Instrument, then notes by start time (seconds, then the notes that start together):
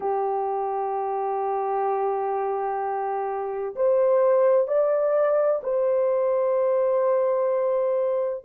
horn
0.00 G4
3.75 C5
4.67 D5
5.63 C5